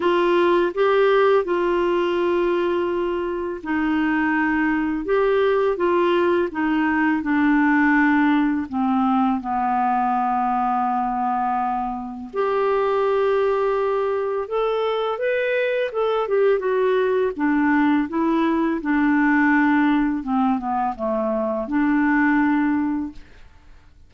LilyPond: \new Staff \with { instrumentName = "clarinet" } { \time 4/4 \tempo 4 = 83 f'4 g'4 f'2~ | f'4 dis'2 g'4 | f'4 dis'4 d'2 | c'4 b2.~ |
b4 g'2. | a'4 b'4 a'8 g'8 fis'4 | d'4 e'4 d'2 | c'8 b8 a4 d'2 | }